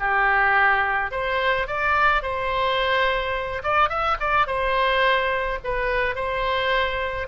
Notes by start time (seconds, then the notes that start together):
0.00 G4
1.12 C5
1.68 D5
2.23 C5
3.64 D5
3.89 E5
4.21 D5
4.47 C5
5.64 B4
6.16 C5